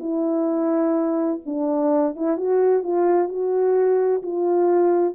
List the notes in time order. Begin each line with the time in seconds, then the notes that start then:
0.00 E4
1.46 D4
2.16 E4
2.37 F#4
2.83 F4
3.29 F#4
4.23 F4